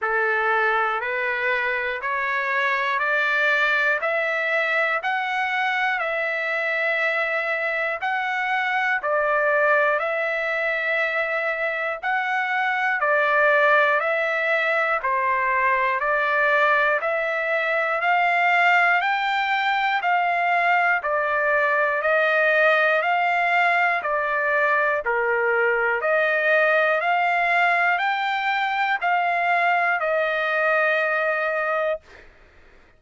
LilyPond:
\new Staff \with { instrumentName = "trumpet" } { \time 4/4 \tempo 4 = 60 a'4 b'4 cis''4 d''4 | e''4 fis''4 e''2 | fis''4 d''4 e''2 | fis''4 d''4 e''4 c''4 |
d''4 e''4 f''4 g''4 | f''4 d''4 dis''4 f''4 | d''4 ais'4 dis''4 f''4 | g''4 f''4 dis''2 | }